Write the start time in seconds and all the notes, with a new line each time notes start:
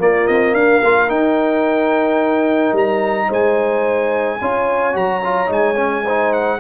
0.00 A#3 F4 D5
0.28 C4 D#5
0.54 D4 A#4 F5
0.84 A#3 F4
1.09 D#4 G5
2.73 G3 A#5
3.28 G#3 C5 G#5
4.42 C#4 F4 C#5
4.93 F#3 F#4 A#5
5.24 F4
5.47 G#3 D#4 G#5
5.77 C#4
6.04 D#4 C5
6.33 F#5